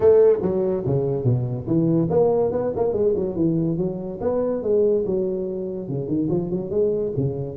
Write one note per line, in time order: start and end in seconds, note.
0.00 0.39 A3
0.42 0.84 F#3
0.85 1.24 C#3
1.24 1.66 B2
1.66 2.08 E3
2.10 2.51 A#3
2.51 2.72 B3
2.76 2.93 A#3
2.93 3.14 G#3
3.16 3.35 F#3
3.35 3.77 E3
3.77 4.19 F#3
4.20 4.62 B3
4.62 5.04 G#3
5.06 5.88 F#3
5.88 6.07 C#3
6.07 6.28 D#3
6.29 6.50 F3
6.50 6.70 F#3
6.70 7.12 G#3
7.16 7.56 C#3